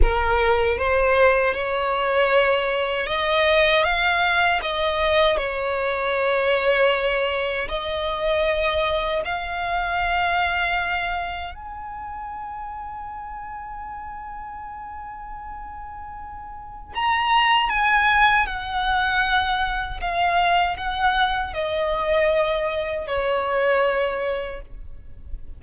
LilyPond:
\new Staff \with { instrumentName = "violin" } { \time 4/4 \tempo 4 = 78 ais'4 c''4 cis''2 | dis''4 f''4 dis''4 cis''4~ | cis''2 dis''2 | f''2. gis''4~ |
gis''1~ | gis''2 ais''4 gis''4 | fis''2 f''4 fis''4 | dis''2 cis''2 | }